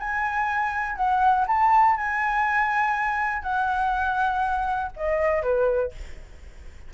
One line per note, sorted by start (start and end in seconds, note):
0.00 0.96 G#5
0.96 1.46 F#5
1.48 1.97 A5
1.97 3.43 G#5
3.43 4.92 F#5
4.97 5.43 D#5
5.43 5.93 B4